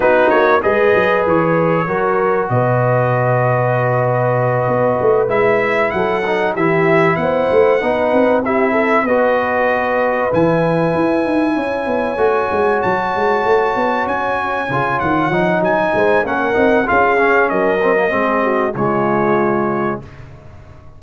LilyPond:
<<
  \new Staff \with { instrumentName = "trumpet" } { \time 4/4 \tempo 4 = 96 b'8 cis''8 dis''4 cis''2 | dis''1~ | dis''8 e''4 fis''4 e''4 fis''8~ | fis''4. e''4 dis''4.~ |
dis''8 gis''2.~ gis''8~ | gis''8 a''2 gis''4. | fis''4 gis''4 fis''4 f''4 | dis''2 cis''2 | }
  \new Staff \with { instrumentName = "horn" } { \time 4/4 fis'4 b'2 ais'4 | b'1~ | b'4. a'4 g'4 c''8~ | c''8 b'4 g'8 a'8 b'4.~ |
b'2~ b'8 cis''4.~ | cis''1~ | cis''4. c''8 ais'4 gis'4 | ais'4 gis'8 fis'8 f'2 | }
  \new Staff \with { instrumentName = "trombone" } { \time 4/4 dis'4 gis'2 fis'4~ | fis'1~ | fis'8 e'4. dis'8 e'4.~ | e'8 dis'4 e'4 fis'4.~ |
fis'8 e'2. fis'8~ | fis'2.~ fis'8 f'8~ | f'8 dis'4. cis'8 dis'8 f'8 cis'8~ | cis'8 c'16 ais16 c'4 gis2 | }
  \new Staff \with { instrumentName = "tuba" } { \time 4/4 b8 ais8 gis8 fis8 e4 fis4 | b,2.~ b,8 b8 | a8 gis4 fis4 e4 b8 | a8 b8 c'4. b4.~ |
b8 e4 e'8 dis'8 cis'8 b8 a8 | gis8 fis8 gis8 a8 b8 cis'4 cis8 | dis8 f8 fis8 gis8 ais8 c'8 cis'4 | fis4 gis4 cis2 | }
>>